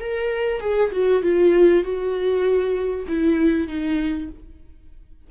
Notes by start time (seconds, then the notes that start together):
0.00 A#4
0.60 G#4
0.92 F#4
1.23 F4
1.84 F#4
3.08 E4
3.68 D#4